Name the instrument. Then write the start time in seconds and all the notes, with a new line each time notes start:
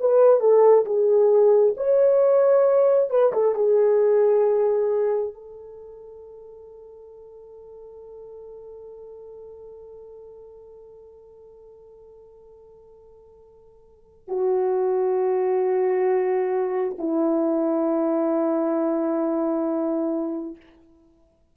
horn
0.00 B4
0.40 A4
0.85 G#4
1.77 C#5
3.10 B4
3.33 A4
3.55 G#4
5.34 A4
14.28 F#4
16.98 E4